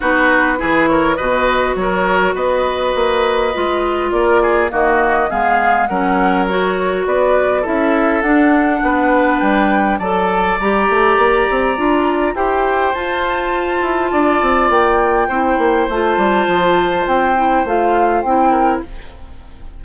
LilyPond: <<
  \new Staff \with { instrumentName = "flute" } { \time 4/4 \tempo 4 = 102 b'4. cis''8 dis''4 cis''4 | dis''2. d''4 | dis''4 f''4 fis''4 cis''4 | d''4 e''4 fis''2 |
g''4 a''4 ais''2~ | ais''4 g''4 a''2~ | a''4 g''2 a''4~ | a''4 g''4 f''4 g''4 | }
  \new Staff \with { instrumentName = "oboe" } { \time 4/4 fis'4 gis'8 ais'8 b'4 ais'4 | b'2. ais'8 gis'8 | fis'4 gis'4 ais'2 | b'4 a'2 b'4~ |
b'4 d''2.~ | d''4 c''2. | d''2 c''2~ | c''2.~ c''8 ais'8 | }
  \new Staff \with { instrumentName = "clarinet" } { \time 4/4 dis'4 e'4 fis'2~ | fis'2 f'2 | ais4 b4 cis'4 fis'4~ | fis'4 e'4 d'2~ |
d'4 a'4 g'2 | f'4 g'4 f'2~ | f'2 e'4 f'4~ | f'4. e'8 f'4 e'4 | }
  \new Staff \with { instrumentName = "bassoon" } { \time 4/4 b4 e4 b,4 fis4 | b4 ais4 gis4 ais4 | dis4 gis4 fis2 | b4 cis'4 d'4 b4 |
g4 fis4 g8 a8 ais8 c'8 | d'4 e'4 f'4. e'8 | d'8 c'8 ais4 c'8 ais8 a8 g8 | f4 c'4 a4 c'4 | }
>>